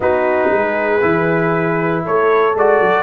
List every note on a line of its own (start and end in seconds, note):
0.00 0.49 B3
0.00 1.01 D#4
0.00 0.51 F#4
0.00 2.04 B4
0.50 1.01 G#3
0.50 2.04 G#4
1.01 2.04 E3
1.01 2.53 E4
2.04 2.54 A3
2.04 3.02 A4
2.04 2.56 C#5
2.54 2.80 G#3
2.54 3.02 F#4
2.54 3.02 D5
2.80 3.02 F#3